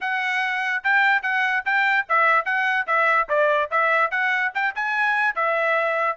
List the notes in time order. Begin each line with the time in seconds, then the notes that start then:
0.01 F#5
0.83 G5
1.22 F#5
1.65 G5
2.08 E5
2.45 F#5
2.87 E5
3.29 D5
3.70 E5
4.10 F#5
4.54 G5
4.75 G#5
5.35 E5